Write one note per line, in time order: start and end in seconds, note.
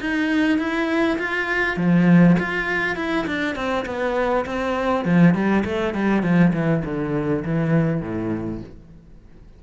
0.00 0.58 D#4
0.58 1.18 E4
1.18 1.77 F4
1.77 2.36 F3
2.39 2.96 F4
2.96 3.26 E4
3.26 3.55 D4
3.55 3.85 C4
3.86 4.45 B3
4.45 5.05 C4
5.05 5.34 F3
5.34 5.64 G3
5.65 5.94 A3
5.94 6.22 G3
6.22 6.52 F3
6.53 6.83 E3
6.85 7.44 D3
7.44 8.01 E3
8.01 8.61 A2